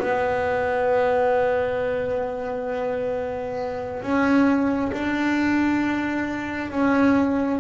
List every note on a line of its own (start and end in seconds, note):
0.00 4.02 B3
4.02 4.92 C#4
4.93 6.71 D4
6.71 7.60 C#4